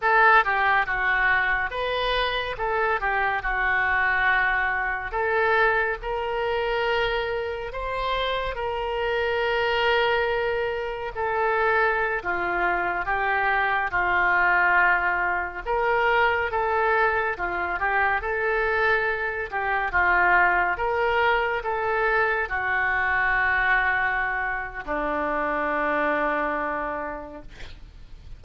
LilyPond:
\new Staff \with { instrumentName = "oboe" } { \time 4/4 \tempo 4 = 70 a'8 g'8 fis'4 b'4 a'8 g'8 | fis'2 a'4 ais'4~ | ais'4 c''4 ais'2~ | ais'4 a'4~ a'16 f'4 g'8.~ |
g'16 f'2 ais'4 a'8.~ | a'16 f'8 g'8 a'4. g'8 f'8.~ | f'16 ais'4 a'4 fis'4.~ fis'16~ | fis'4 d'2. | }